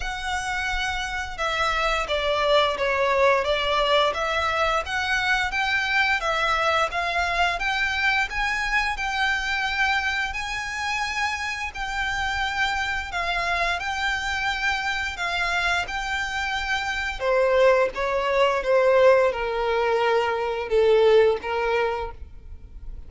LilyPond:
\new Staff \with { instrumentName = "violin" } { \time 4/4 \tempo 4 = 87 fis''2 e''4 d''4 | cis''4 d''4 e''4 fis''4 | g''4 e''4 f''4 g''4 | gis''4 g''2 gis''4~ |
gis''4 g''2 f''4 | g''2 f''4 g''4~ | g''4 c''4 cis''4 c''4 | ais'2 a'4 ais'4 | }